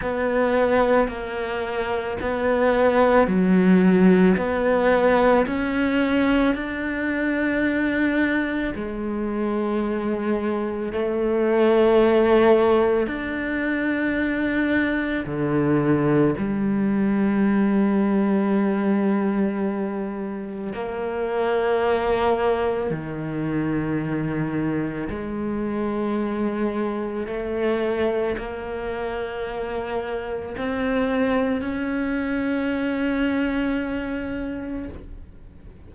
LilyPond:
\new Staff \with { instrumentName = "cello" } { \time 4/4 \tempo 4 = 55 b4 ais4 b4 fis4 | b4 cis'4 d'2 | gis2 a2 | d'2 d4 g4~ |
g2. ais4~ | ais4 dis2 gis4~ | gis4 a4 ais2 | c'4 cis'2. | }